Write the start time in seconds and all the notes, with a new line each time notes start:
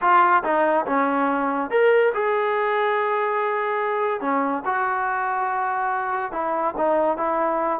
0.01 F4
0.43 D#4
0.86 C#4
1.70 A#4
2.14 G#4
4.20 C#4
4.65 F#4
6.32 E4
6.77 D#4
7.17 E4